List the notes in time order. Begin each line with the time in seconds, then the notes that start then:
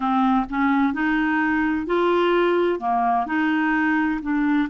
0.00 C4
0.49 C#4
0.93 D#4
1.86 F4
2.79 A#3
3.26 D#4
4.21 D4